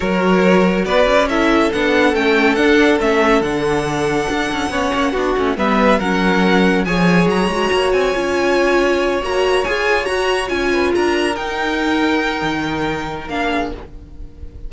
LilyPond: <<
  \new Staff \with { instrumentName = "violin" } { \time 4/4 \tempo 4 = 140 cis''2 d''4 e''4 | fis''4 g''4 fis''4 e''4 | fis''1~ | fis''4 e''4 fis''2 |
gis''4 ais''4. gis''4.~ | gis''4. ais''4 gis''4 ais''8~ | ais''8 gis''4 ais''4 g''4.~ | g''2. f''4 | }
  \new Staff \with { instrumentName = "violin" } { \time 4/4 ais'2 b'4 a'4~ | a'1~ | a'2. cis''4 | fis'4 b'4 ais'2 |
cis''1~ | cis''1~ | cis''4 b'8 ais'2~ ais'8~ | ais'2.~ ais'8 gis'8 | }
  \new Staff \with { instrumentName = "viola" } { \time 4/4 fis'2. e'4 | d'4 cis'4 d'4 cis'4 | d'2. cis'4 | d'8 cis'8 b4 cis'2 |
gis'4. fis'4. f'4~ | f'4. fis'4 gis'4 fis'8~ | fis'8 f'2 dis'4.~ | dis'2. d'4 | }
  \new Staff \with { instrumentName = "cello" } { \time 4/4 fis2 b8 cis'4. | b4 a4 d'4 a4 | d2 d'8 cis'8 b8 ais8 | b8 a8 g4 fis2 |
f4 fis8 gis8 ais8 c'8 cis'4~ | cis'4. ais4 f'4 fis'8~ | fis'8 cis'4 d'4 dis'4.~ | dis'4 dis2 ais4 | }
>>